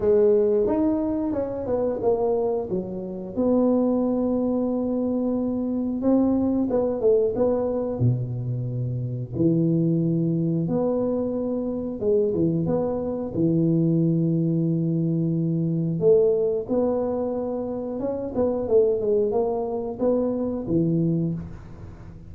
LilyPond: \new Staff \with { instrumentName = "tuba" } { \time 4/4 \tempo 4 = 90 gis4 dis'4 cis'8 b8 ais4 | fis4 b2.~ | b4 c'4 b8 a8 b4 | b,2 e2 |
b2 gis8 e8 b4 | e1 | a4 b2 cis'8 b8 | a8 gis8 ais4 b4 e4 | }